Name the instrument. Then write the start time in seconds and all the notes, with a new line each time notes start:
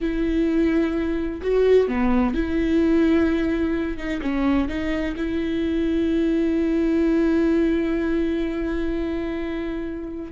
viola
0.00 E4
1.41 F#4
1.87 B3
2.34 E4
3.97 D#4
4.21 C#4
4.68 D#4
5.16 E4